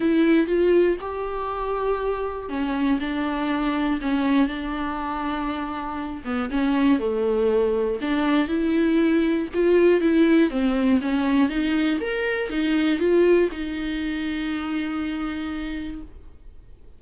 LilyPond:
\new Staff \with { instrumentName = "viola" } { \time 4/4 \tempo 4 = 120 e'4 f'4 g'2~ | g'4 cis'4 d'2 | cis'4 d'2.~ | d'8 b8 cis'4 a2 |
d'4 e'2 f'4 | e'4 c'4 cis'4 dis'4 | ais'4 dis'4 f'4 dis'4~ | dis'1 | }